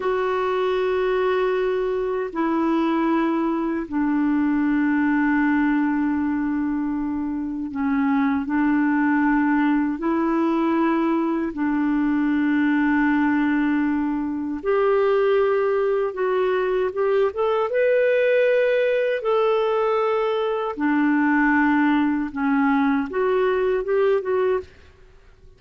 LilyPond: \new Staff \with { instrumentName = "clarinet" } { \time 4/4 \tempo 4 = 78 fis'2. e'4~ | e'4 d'2.~ | d'2 cis'4 d'4~ | d'4 e'2 d'4~ |
d'2. g'4~ | g'4 fis'4 g'8 a'8 b'4~ | b'4 a'2 d'4~ | d'4 cis'4 fis'4 g'8 fis'8 | }